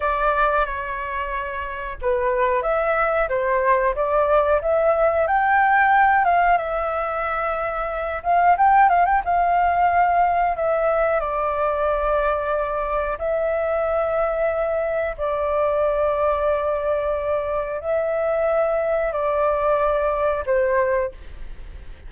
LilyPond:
\new Staff \with { instrumentName = "flute" } { \time 4/4 \tempo 4 = 91 d''4 cis''2 b'4 | e''4 c''4 d''4 e''4 | g''4. f''8 e''2~ | e''8 f''8 g''8 f''16 g''16 f''2 |
e''4 d''2. | e''2. d''4~ | d''2. e''4~ | e''4 d''2 c''4 | }